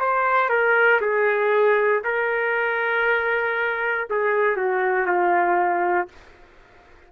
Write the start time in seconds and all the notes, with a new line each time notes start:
0.00 C5
0.50 A#4
1.02 G#4
2.05 A#4
4.10 G#4
4.57 F#4
5.07 F4